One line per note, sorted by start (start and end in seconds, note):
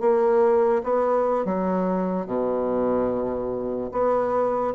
0.00 0.82 A#3
0.83 1.45 B3
1.45 2.26 F#3
2.26 3.90 B2
3.92 4.74 B3